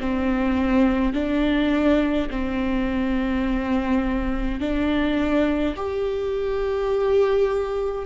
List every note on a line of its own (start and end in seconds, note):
0.00 1.13 C4
1.13 2.29 D4
2.30 4.60 C4
4.60 5.75 D4
5.75 8.05 G4